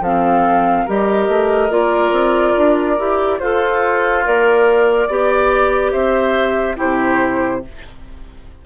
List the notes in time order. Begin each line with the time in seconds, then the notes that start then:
0.00 F3 C4 A4 F5
0.85 G3 G4 A#4 D#5
1.28 A3
1.70 A#3 F4 D5
2.11 C4
2.57 D4
2.98 E4 G4
3.39 F4 A4 C5
4.24 A#3 A#4 D5
5.08 B3 G4 D5
5.92 C4 C5 E5
6.76 C3 E4 G4 C5